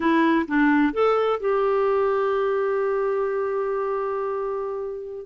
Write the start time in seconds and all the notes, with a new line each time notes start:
0.00 E4
0.47 D4
0.93 A4
1.40 G4